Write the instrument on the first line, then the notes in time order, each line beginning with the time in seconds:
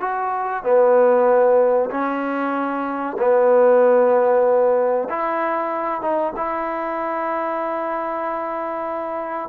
trombone
0.00 F#4
0.63 B3
1.91 C#4
3.18 B3
5.09 E4
6.01 D#4
6.36 E4